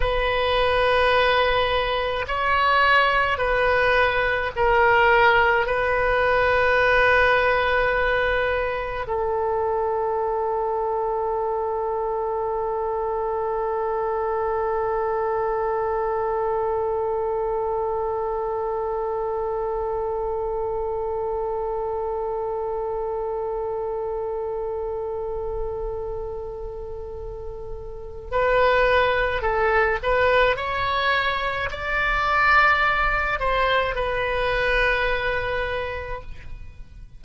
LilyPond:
\new Staff \with { instrumentName = "oboe" } { \time 4/4 \tempo 4 = 53 b'2 cis''4 b'4 | ais'4 b'2. | a'1~ | a'1~ |
a'1~ | a'1~ | a'4 b'4 a'8 b'8 cis''4 | d''4. c''8 b'2 | }